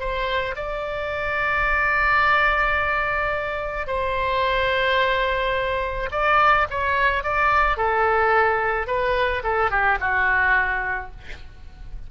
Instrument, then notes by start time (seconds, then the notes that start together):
oboe
0.00 C5
0.56 D5
3.88 C5
6.12 D5
6.70 C#5
7.24 D5
7.77 A4
8.87 B4
9.44 A4
9.71 G4
10.01 F#4